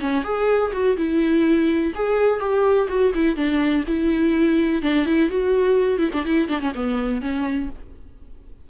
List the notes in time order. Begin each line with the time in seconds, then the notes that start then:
0.00 C#4
0.24 G#4
0.72 F#4
0.97 E4
1.95 G#4
2.40 G4
2.89 F#4
3.14 E4
3.36 D4
3.87 E4
4.82 D4
5.06 E4
5.29 F#4
5.98 E4
6.13 D4
6.25 E4
6.48 D4
6.61 C#4
6.74 B3
7.22 C#4